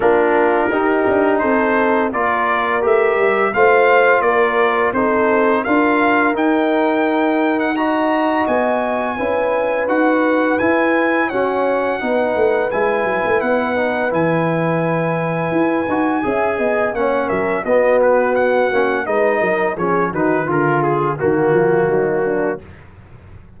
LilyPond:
<<
  \new Staff \with { instrumentName = "trumpet" } { \time 4/4 \tempo 4 = 85 ais'2 c''4 d''4 | e''4 f''4 d''4 c''4 | f''4 g''4.~ g''16 fis''16 ais''4 | gis''2 fis''4 gis''4 |
fis''2 gis''4 fis''4 | gis''1 | fis''8 e''8 dis''8 b'8 fis''4 dis''4 | cis''8 b'8 ais'8 gis'8 fis'2 | }
  \new Staff \with { instrumentName = "horn" } { \time 4/4 f'4 g'4 a'4 ais'4~ | ais'4 c''4 ais'4 a'4 | ais'2. dis''4~ | dis''4 b'2. |
cis''4 b'2.~ | b'2. e''8 dis''8 | cis''8 ais'8 fis'2 b'8 ais'8 | gis'8 fis'8 f'4 fis'8 f'8 dis'8 d'8 | }
  \new Staff \with { instrumentName = "trombone" } { \time 4/4 d'4 dis'2 f'4 | g'4 f'2 dis'4 | f'4 dis'2 fis'4~ | fis'4 e'4 fis'4 e'4 |
cis'4 dis'4 e'4. dis'8 | e'2~ e'8 fis'8 gis'4 | cis'4 b4. cis'8 dis'4 | cis'8 dis'8 f'4 ais2 | }
  \new Staff \with { instrumentName = "tuba" } { \time 4/4 ais4 dis'8 d'8 c'4 ais4 | a8 g8 a4 ais4 c'4 | d'4 dis'2. | b4 cis'4 dis'4 e'4 |
fis'4 b8 a8 gis8 fis16 a16 b4 | e2 e'8 dis'8 cis'8 b8 | ais8 fis8 b4. ais8 gis8 fis8 | f8 dis8 d4 dis8 f8 fis4 | }
>>